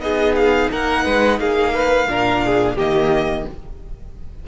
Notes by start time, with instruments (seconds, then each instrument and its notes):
0.00 cello B3, viola D#4, violin G#4 D#5
0.36 violin F5
0.72 cello A#3, violin A#4 F#5
1.05 cello G#3, violin B4
1.39 cello A#3, violin G#4 F5
1.74 violin B4
2.07 cello A#2, viola D4, violin A#4
2.46 violin G#4
2.76 cello D#3, viola A#3, violin G4 D#5